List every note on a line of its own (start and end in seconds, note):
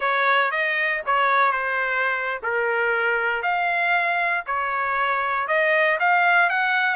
0.00 0.51 C#5
0.51 1.02 D#5
1.05 1.51 C#5
1.51 2.40 C5
2.42 3.42 A#4
3.42 4.44 F5
4.46 5.47 C#5
5.47 5.98 D#5
5.99 6.49 F5
6.49 6.95 F#5